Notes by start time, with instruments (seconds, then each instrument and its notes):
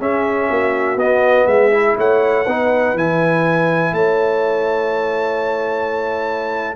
0.00 trombone C#4, tuba C#4, horn G#4, trumpet E5
0.49 tuba A#3, horn F#4
0.96 tuba B3, trombone B3, trumpet D#5
1.47 tuba G#3, horn G#4, trumpet E5
1.72 trombone E4
1.97 tuba A3, horn C#5, trumpet F#5
2.46 tuba B3, trombone D#4, horn B4
2.95 tuba E3, trombone E4, trumpet G#5
3.93 tuba A3, horn C#5, trumpet A5